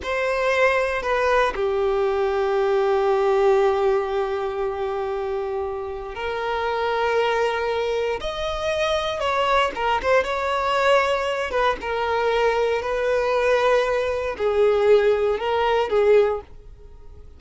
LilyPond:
\new Staff \with { instrumentName = "violin" } { \time 4/4 \tempo 4 = 117 c''2 b'4 g'4~ | g'1~ | g'1 | ais'1 |
dis''2 cis''4 ais'8 c''8 | cis''2~ cis''8 b'8 ais'4~ | ais'4 b'2. | gis'2 ais'4 gis'4 | }